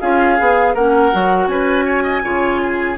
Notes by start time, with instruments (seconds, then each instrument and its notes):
0.00 bassoon C#4, clarinet F4, oboe G#4, flute F5
0.38 bassoon B3, clarinet G#4
0.74 bassoon A#3, clarinet C#4, oboe A#4, flute F#5
1.12 bassoon F#3, clarinet F#4
1.47 bassoon C#4, oboe B4, flute G#5
1.85 oboe C#5
2.03 oboe D#5
2.23 bassoon C#3, clarinet F4, oboe C#5
2.62 oboe G#4